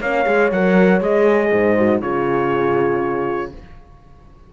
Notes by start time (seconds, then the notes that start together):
0.00 A#3 C#4 C#5 F5
0.25 G#3 G#4
0.51 F#3 A#4 F#5
1.01 G#3 G#4 D#5
1.52 G#2 C5
1.77 F#4
2.01 C#3 F4 G#4 C#5